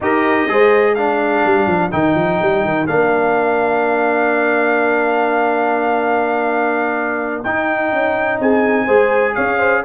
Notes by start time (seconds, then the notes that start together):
0.00 D#4 G4 A#4 D#5
0.47 G#3 G#4 C5
0.94 D4 A#4 F5
1.45 G3
1.67 F3
1.91 D#3 D#4 G5
2.15 F3
2.42 G3
2.64 D#3
2.86 A#3 D4 F5
7.43 D#4 G5
7.92 C#4
8.39 C4 G#4 G#5
8.85 G#3 G#4 C5
9.34 C#4 C#5 F5
9.58 C5